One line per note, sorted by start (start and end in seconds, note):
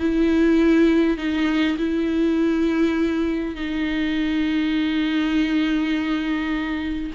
0.00 1.18 E4
1.18 1.77 D#4
1.78 3.56 E4
3.56 7.12 D#4